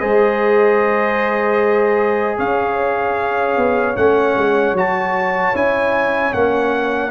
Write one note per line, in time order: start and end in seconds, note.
0.00 2.38 G#3
0.00 3.96 G#4
0.00 2.37 C5
0.00 2.37 D#5
2.37 3.57 C#4
2.37 7.11 C#5
2.37 3.96 F5
3.57 3.96 B3
3.96 4.36 A3
3.96 4.76 C#4
3.96 4.75 F#5
4.37 4.73 G#3
4.73 5.52 F#3
4.73 5.54 F#4
4.73 5.56 A5
5.54 6.34 C#4
5.54 6.33 E4
5.54 6.33 G#5
6.33 7.11 A#3
6.33 7.11 C#4
6.33 7.11 F#5